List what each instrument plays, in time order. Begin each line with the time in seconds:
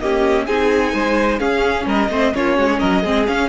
0.00 viola A#3, cello C#4, violin G4 D#5
0.47 cello C4, viola D#4, violin G#4 G#5
0.93 cello G#3, violin C5
1.39 viola C#4, cello C#4, violin G#4 F5
1.86 cello G3, violin A#4 D#5
2.09 cello A3, viola C4, violin C5
2.34 cello A#3, viola C#4, violin F4 C#5
2.57 cello G#3, violin F#4
2.67 violin G#4
2.80 cello F#3, violin A#4 D#5
3.02 cello G#3, viola C4, violin G#4
3.27 viola C#4, cello C#4, violin F5